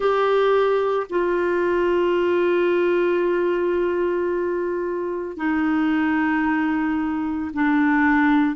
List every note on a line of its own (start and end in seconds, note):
0.00 1.06 G4
1.09 5.36 F4
5.36 7.50 D#4
7.53 8.55 D4